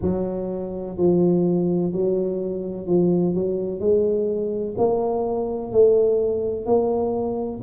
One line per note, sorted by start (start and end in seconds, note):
0.01 0.97 F#3
0.97 1.92 F3
1.92 2.86 F#3
2.86 3.34 F3
3.34 3.80 F#3
3.80 4.75 G#3
4.77 5.71 A#3
5.71 6.65 A3
6.65 7.61 A#3